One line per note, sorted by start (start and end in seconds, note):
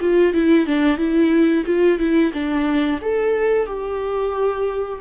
0.00 0.33 F4
0.33 0.66 E4
0.66 0.97 D4
0.97 1.64 E4
1.65 1.98 F4
1.98 2.32 E4
2.33 2.99 D4
3.01 3.66 A4
3.66 4.99 G4